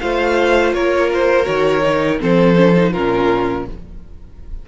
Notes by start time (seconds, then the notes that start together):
0.00 A3 F4 C5 F5
0.73 A#3 A#4 C#5
1.13 C5
1.43 D#3 F#4 C#5
1.82 D#4
2.20 F3 C4 A4 C5
2.55 C#4
2.76 D#4
2.93 A#2 C#4 F4 A#4